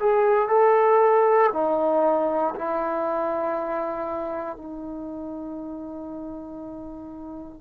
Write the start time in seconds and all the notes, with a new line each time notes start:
0.00 G#4
0.49 A4
1.53 D#4
2.56 E4
4.57 D#4